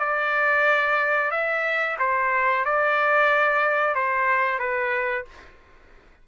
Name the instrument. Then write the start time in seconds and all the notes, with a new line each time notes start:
trumpet
0.00 D5
1.32 E5
2.00 C5
2.66 D5
3.96 C5
4.60 B4